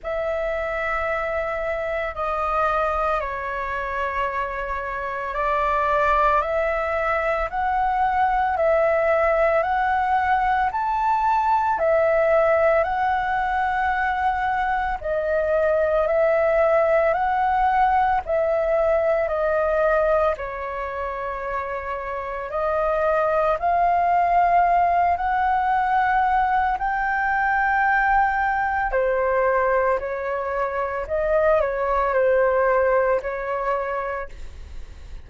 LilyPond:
\new Staff \with { instrumentName = "flute" } { \time 4/4 \tempo 4 = 56 e''2 dis''4 cis''4~ | cis''4 d''4 e''4 fis''4 | e''4 fis''4 a''4 e''4 | fis''2 dis''4 e''4 |
fis''4 e''4 dis''4 cis''4~ | cis''4 dis''4 f''4. fis''8~ | fis''4 g''2 c''4 | cis''4 dis''8 cis''8 c''4 cis''4 | }